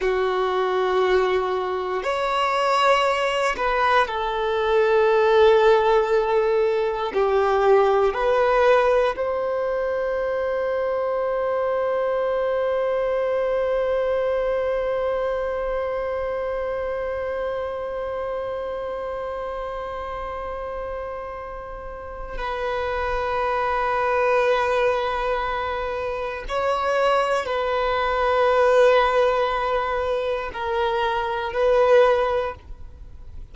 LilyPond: \new Staff \with { instrumentName = "violin" } { \time 4/4 \tempo 4 = 59 fis'2 cis''4. b'8 | a'2. g'4 | b'4 c''2.~ | c''1~ |
c''1~ | c''2 b'2~ | b'2 cis''4 b'4~ | b'2 ais'4 b'4 | }